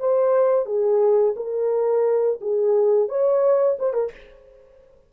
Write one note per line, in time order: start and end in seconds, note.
0.00 0.66 C5
0.66 1.35 G#4
1.36 2.40 A#4
2.41 3.09 G#4
3.09 3.78 C#5
3.79 3.94 C5
3.94 4.11 A#4